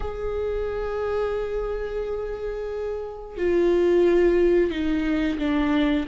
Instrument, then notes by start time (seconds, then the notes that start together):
viola
0.00 G#4
3.37 F4
4.70 D#4
5.38 D4